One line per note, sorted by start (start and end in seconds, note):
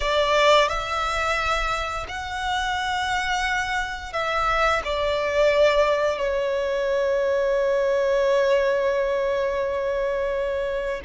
0.00 0.68 D5
0.68 2.06 E5
2.08 4.13 F#5
4.13 4.82 E5
4.84 6.18 D5
6.18 11.00 C#5